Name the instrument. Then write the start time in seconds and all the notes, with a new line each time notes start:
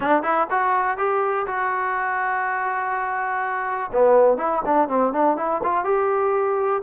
trombone
0.00 D4
0.22 E4
0.50 F#4
0.97 G4
1.46 F#4
3.92 B3
4.37 E4
4.65 D4
4.88 C4
5.12 D4
5.37 E4
5.63 F4
5.84 G4